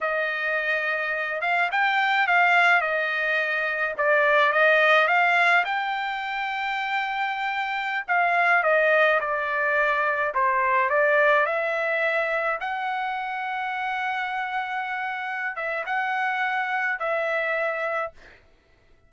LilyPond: \new Staff \with { instrumentName = "trumpet" } { \time 4/4 \tempo 4 = 106 dis''2~ dis''8 f''8 g''4 | f''4 dis''2 d''4 | dis''4 f''4 g''2~ | g''2~ g''16 f''4 dis''8.~ |
dis''16 d''2 c''4 d''8.~ | d''16 e''2 fis''4.~ fis''16~ | fis''2.~ fis''8 e''8 | fis''2 e''2 | }